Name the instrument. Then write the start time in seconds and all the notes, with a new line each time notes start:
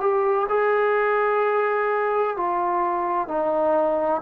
trombone
0.00 G4
0.49 G#4
2.36 F4
3.27 D#4